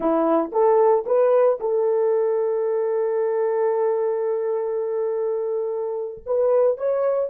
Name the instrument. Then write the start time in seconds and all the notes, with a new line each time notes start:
horn
0.00 E4
0.51 A4
1.05 B4
1.59 A4
6.26 B4
6.77 C#5